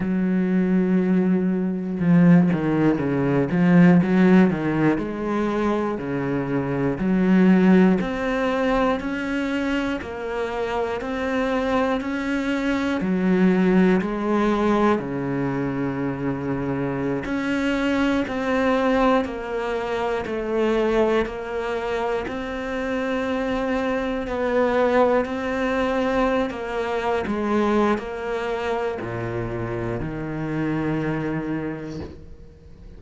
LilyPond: \new Staff \with { instrumentName = "cello" } { \time 4/4 \tempo 4 = 60 fis2 f8 dis8 cis8 f8 | fis8 dis8 gis4 cis4 fis4 | c'4 cis'4 ais4 c'4 | cis'4 fis4 gis4 cis4~ |
cis4~ cis16 cis'4 c'4 ais8.~ | ais16 a4 ais4 c'4.~ c'16~ | c'16 b4 c'4~ c'16 ais8. gis8. | ais4 ais,4 dis2 | }